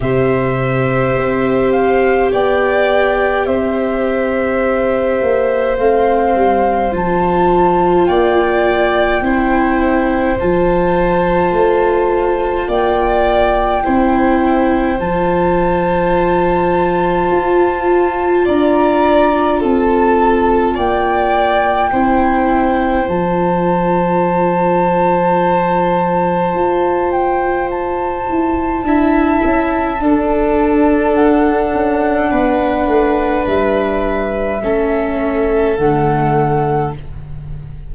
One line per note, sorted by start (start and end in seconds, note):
0.00 1.16 C3
0.00 5.76 G4
0.00 2.31 C5
0.00 1.72 E5
1.16 2.31 C4
1.72 2.29 F5
2.31 3.46 B3
2.31 3.47 D5
2.31 3.45 G5
3.45 5.19 C4
3.45 8.08 C5
3.45 5.76 E5
5.21 5.77 A#3
5.77 6.35 A3
5.77 6.92 C4
5.77 6.93 F5
6.35 6.92 G3
6.92 8.08 F3
6.92 9.23 F4
6.92 8.06 A5
8.06 9.21 A#3
8.06 9.23 D5
8.06 10.36 G5
9.21 10.36 C4
9.21 10.38 E4
9.21 12.68 C5
10.39 11.51 F3
10.39 13.83 F4
10.39 12.69 A5
11.51 12.67 A3
12.67 13.83 A#3
12.67 13.83 D5
12.67 14.99 G5
13.83 14.99 C4
13.83 14.98 E4
13.83 18.44 C5
14.99 17.30 F3
14.99 21.91 F4
14.99 18.45 A5
17.31 18.46 F4
18.44 19.62 D4
18.44 19.59 D5
18.44 19.62 A#5
19.59 20.76 C4
19.59 20.74 A4
19.59 20.77 A5
20.74 21.92 A#3
20.74 21.89 D5
20.74 23.07 G5
21.91 23.07 C4
21.91 23.07 E4
21.91 28.84 C5
23.07 26.54 F3
23.07 28.84 F4
23.07 27.11 A5
26.54 28.27 F4
27.11 27.69 G5
27.70 31.14 A5
28.29 28.82 E4
28.82 29.40 D4
28.82 29.99 E4
28.82 30.01 E5
29.43 30.00 C#4
29.99 34.60 D4
29.99 31.73 D4
29.99 32.30 A4
31.14 33.45 F#5
31.73 32.31 C#4
32.30 32.87 B3
32.30 34.61 B4
32.87 33.44 A3
33.46 34.62 G3
33.46 35.77 E5
34.62 35.77 A3
34.62 35.78 C#4
34.62 36.94 A4
35.77 36.93 D3
35.77 36.94 A3
35.77 36.92 F#5